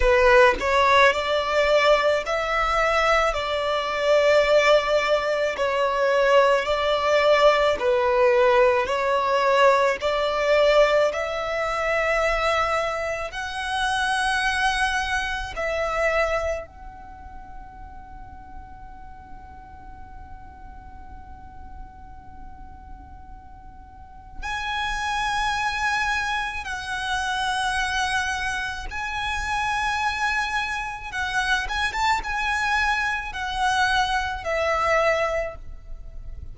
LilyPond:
\new Staff \with { instrumentName = "violin" } { \time 4/4 \tempo 4 = 54 b'8 cis''8 d''4 e''4 d''4~ | d''4 cis''4 d''4 b'4 | cis''4 d''4 e''2 | fis''2 e''4 fis''4~ |
fis''1~ | fis''2 gis''2 | fis''2 gis''2 | fis''8 gis''16 a''16 gis''4 fis''4 e''4 | }